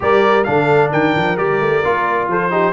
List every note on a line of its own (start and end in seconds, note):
0.00 0.46 G3
0.00 0.43 G4
0.00 0.47 A#4
0.00 0.44 D5
0.44 0.92 D3
0.44 1.37 D4
0.44 0.90 A4
0.44 0.90 F5
0.90 1.14 D#3
0.90 2.28 A#4
0.90 1.37 G5
1.15 1.38 F3
1.37 1.60 G3
1.37 1.83 G4
1.37 2.28 D5
1.60 1.82 A3
1.84 2.27 A#3
1.84 2.50 F4
2.27 2.72 F3
2.27 2.51 A4
2.27 2.72 C5
2.50 2.72 D#4
2.50 2.72 G4